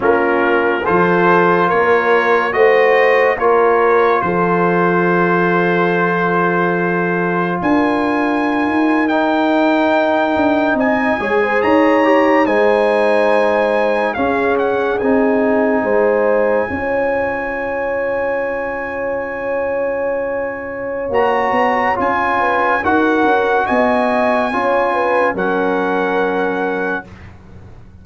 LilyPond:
<<
  \new Staff \with { instrumentName = "trumpet" } { \time 4/4 \tempo 4 = 71 ais'4 c''4 cis''4 dis''4 | cis''4 c''2.~ | c''4 gis''4.~ gis''16 g''4~ g''16~ | g''8. gis''4 ais''4 gis''4~ gis''16~ |
gis''8. f''8 fis''8 gis''2~ gis''16~ | gis''1~ | gis''4 ais''4 gis''4 fis''4 | gis''2 fis''2 | }
  \new Staff \with { instrumentName = "horn" } { \time 4/4 f'4 a'4 ais'4 c''4 | ais'4 a'2.~ | a'4 ais'2.~ | ais'8. dis''8 cis''16 c''16 cis''4 c''4~ c''16~ |
c''8. gis'2 c''4 cis''16~ | cis''1~ | cis''2~ cis''8 b'8 ais'4 | dis''4 cis''8 b'8 ais'2 | }
  \new Staff \with { instrumentName = "trombone" } { \time 4/4 cis'4 f'2 fis'4 | f'1~ | f'2~ f'8. dis'4~ dis'16~ | dis'4~ dis'16 gis'4 g'8 dis'4~ dis'16~ |
dis'8. cis'4 dis'2 f'16~ | f'1~ | f'4 fis'4 f'4 fis'4~ | fis'4 f'4 cis'2 | }
  \new Staff \with { instrumentName = "tuba" } { \time 4/4 ais4 f4 ais4 a4 | ais4 f2.~ | f4 d'4~ d'16 dis'4.~ dis'16~ | dis'16 d'8 c'8 gis8 dis'4 gis4~ gis16~ |
gis8. cis'4 c'4 gis4 cis'16~ | cis'1~ | cis'4 ais8 b8 cis'4 dis'8 cis'8 | b4 cis'4 fis2 | }
>>